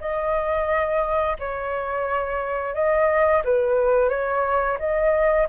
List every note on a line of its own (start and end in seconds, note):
0.00 1.36 D#5
1.39 2.74 C#5
2.74 3.42 D#5
3.44 4.09 B4
4.09 4.77 C#5
4.79 5.47 D#5